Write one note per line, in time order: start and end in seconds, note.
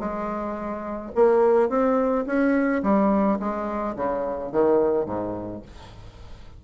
0.00 1.12 G#3
1.16 1.70 A#3
1.70 2.26 C4
2.27 2.83 C#4
2.83 3.39 G3
3.40 3.96 G#3
3.96 4.52 C#3
4.53 5.06 D#3
5.06 5.62 G#2